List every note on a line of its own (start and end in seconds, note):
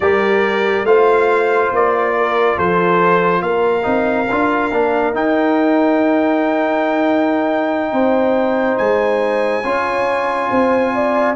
0.00 0.83 G3
0.00 0.86 G4
0.00 0.87 A#4
0.00 0.85 D5
0.83 1.69 A3
0.83 3.83 F4
0.83 2.15 C5
0.83 1.71 F5
1.71 2.57 A#3
1.71 2.58 D5
2.16 2.56 A#4
2.56 3.41 F3
2.56 3.42 A4
2.56 3.42 C5
3.41 3.84 A#3
3.41 7.92 A#4
3.41 5.13 F5
3.83 4.28 C4
3.83 4.26 D#4
4.30 4.71 D4
4.30 4.72 F4
4.71 5.14 A#3
4.71 5.13 D4
5.13 9.63 D#4
5.13 7.92 D#4
5.13 8.77 G5
7.92 8.77 C4
7.92 9.63 C5
8.77 9.64 G#3
8.77 11.34 G#5
9.63 10.49 C#4
9.63 11.35 F4
9.63 10.49 C#5
10.49 11.35 C4
10.49 10.92 C5
10.94 11.35 D5